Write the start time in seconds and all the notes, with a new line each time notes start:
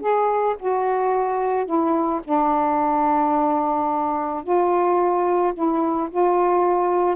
0.00 G#4
0.59 F#4
1.65 E4
2.24 D4
4.43 F4
5.53 E4
6.10 F4